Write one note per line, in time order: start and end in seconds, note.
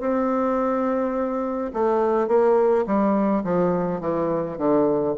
0.00 1.71 C4
1.73 2.28 A3
2.28 2.85 A#3
2.86 3.44 G3
3.44 4.01 F3
4.01 4.58 E3
4.58 5.15 D3